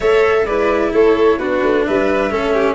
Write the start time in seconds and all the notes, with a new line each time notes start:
0.00 A3 A4 C#5 E5
0.45 G#3 E4 B4 D5
0.93 A3 A4 C#5
1.38 B3 D4 F#4 B4
1.62 A3
1.85 G3 B4 E5
2.30 A3 C#4 A4
2.53 G4